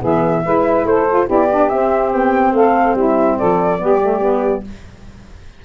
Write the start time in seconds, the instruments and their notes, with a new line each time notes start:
0.00 tuba E3, saxophone B3 G#4, flute E5
0.45 tuba G#3, saxophone E4 B4
0.84 tuba A3, saxophone A4, flute C5
1.10 saxophone F4
1.26 tuba B3, saxophone E4 G4, flute D5
1.51 saxophone D4
1.69 tuba C4, saxophone C4, flute E5
2.12 tuba B3, flute G5
2.53 tuba A3, saxophone A4, flute F5
2.95 tuba G3, saxophone E4, flute E5
3.38 tuba F3, saxophone A4, flute D5
3.79 tuba G3, saxophone B3 G4
4.03 saxophone A3
4.22 saxophone B3